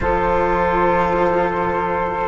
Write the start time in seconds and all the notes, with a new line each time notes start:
0.00 F3 F4 A4 C5